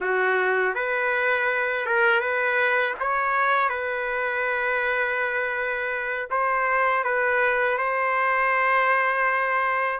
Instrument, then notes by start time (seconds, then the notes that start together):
trumpet
0.00 F#4
0.74 B4
1.86 A#4
2.20 B4
3.00 C#5
3.69 B4
6.30 C5
7.04 B4
7.78 C5